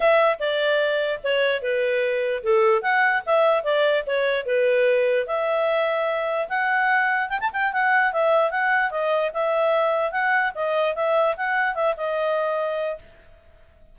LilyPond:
\new Staff \with { instrumentName = "clarinet" } { \time 4/4 \tempo 4 = 148 e''4 d''2 cis''4 | b'2 a'4 fis''4 | e''4 d''4 cis''4 b'4~ | b'4 e''2. |
fis''2 g''16 a''16 g''8 fis''4 | e''4 fis''4 dis''4 e''4~ | e''4 fis''4 dis''4 e''4 | fis''4 e''8 dis''2~ dis''8 | }